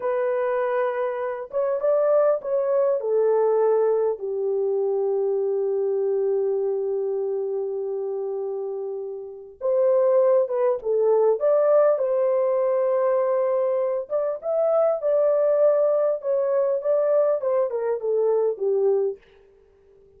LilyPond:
\new Staff \with { instrumentName = "horn" } { \time 4/4 \tempo 4 = 100 b'2~ b'8 cis''8 d''4 | cis''4 a'2 g'4~ | g'1~ | g'1 |
c''4. b'8 a'4 d''4 | c''2.~ c''8 d''8 | e''4 d''2 cis''4 | d''4 c''8 ais'8 a'4 g'4 | }